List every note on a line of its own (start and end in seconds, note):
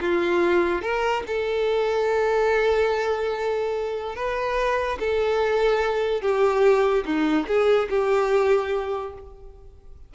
0.00 0.82 F4
0.82 1.23 A#4
1.27 4.15 A4
4.15 4.98 B4
4.99 6.21 A4
6.21 7.04 G4
7.05 7.46 D#4
7.47 7.88 G#4
7.89 9.13 G4